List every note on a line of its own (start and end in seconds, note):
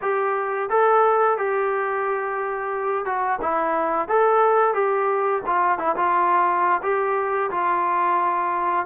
0.01 0.69 G4
0.69 1.37 A4
1.37 3.05 G4
3.05 3.39 F#4
3.41 4.08 E4
4.08 4.74 A4
4.74 5.42 G4
5.46 5.78 F4
5.78 5.95 E4
5.95 6.81 F4
6.82 7.50 G4
7.50 8.85 F4